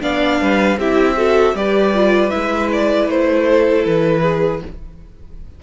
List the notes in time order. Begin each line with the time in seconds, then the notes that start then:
0.00 B3 D4 D5 F5
0.41 G3 B4
0.77 C4 E4 G4 E5
1.16 F#4 A4
1.54 G3 G4 B4 D5
1.94 F4
2.30 G#3 E4 E5
2.72 D5
3.08 A3 C5
3.49 A4
3.85 E3 B4
4.21 G#4